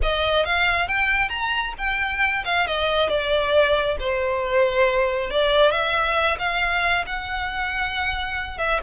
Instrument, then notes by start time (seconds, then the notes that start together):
violin
0.02 D#5
0.45 F5
0.87 G5
1.29 A#5
1.77 G5
2.44 F5
2.66 D#5
3.08 D5
3.99 C5
5.30 D5
5.71 E5
6.39 F5
7.06 F#5
8.58 E5